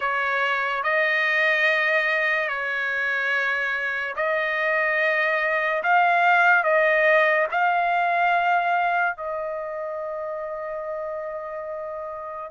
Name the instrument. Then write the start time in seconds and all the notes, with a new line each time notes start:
trumpet
0.00 C#5
0.83 D#5
2.48 C#5
4.16 D#5
5.83 F5
6.63 D#5
7.51 F5
9.17 D#5